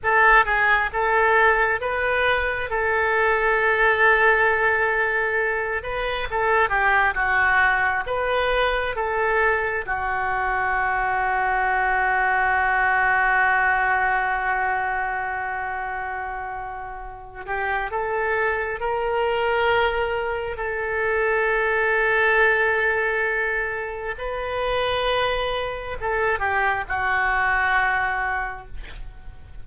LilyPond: \new Staff \with { instrumentName = "oboe" } { \time 4/4 \tempo 4 = 67 a'8 gis'8 a'4 b'4 a'4~ | a'2~ a'8 b'8 a'8 g'8 | fis'4 b'4 a'4 fis'4~ | fis'1~ |
fis'2.~ fis'8 g'8 | a'4 ais'2 a'4~ | a'2. b'4~ | b'4 a'8 g'8 fis'2 | }